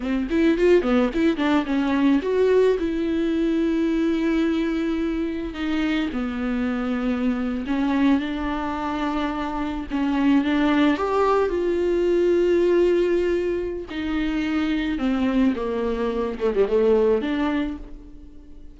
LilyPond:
\new Staff \with { instrumentName = "viola" } { \time 4/4 \tempo 4 = 108 c'8 e'8 f'8 b8 e'8 d'8 cis'4 | fis'4 e'2.~ | e'2 dis'4 b4~ | b4.~ b16 cis'4 d'4~ d'16~ |
d'4.~ d'16 cis'4 d'4 g'16~ | g'8. f'2.~ f'16~ | f'4 dis'2 c'4 | ais4. a16 g16 a4 d'4 | }